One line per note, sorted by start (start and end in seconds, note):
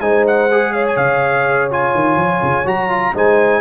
0.00 0.97 G#3
0.00 0.50 D#4
0.00 0.73 C5
0.00 0.25 G#5
0.27 0.73 F#5
0.51 1.71 G#4
0.73 3.15 C#5
0.73 0.85 F5
0.87 0.97 G#5
0.97 1.94 C#3
0.97 1.69 F5
1.71 2.65 F4
1.71 2.68 G#5
1.95 2.16 D#3
2.16 2.40 F3
2.42 2.66 C#3
2.65 3.14 F#3
2.65 2.89 F#4
2.65 3.16 A#5
2.90 3.14 F4
3.15 3.61 G#3
3.15 3.61 D#4
3.15 3.61 C5
3.15 3.61 G#5